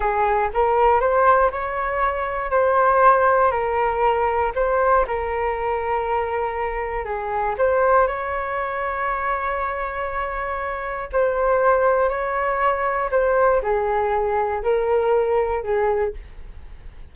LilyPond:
\new Staff \with { instrumentName = "flute" } { \time 4/4 \tempo 4 = 119 gis'4 ais'4 c''4 cis''4~ | cis''4 c''2 ais'4~ | ais'4 c''4 ais'2~ | ais'2 gis'4 c''4 |
cis''1~ | cis''2 c''2 | cis''2 c''4 gis'4~ | gis'4 ais'2 gis'4 | }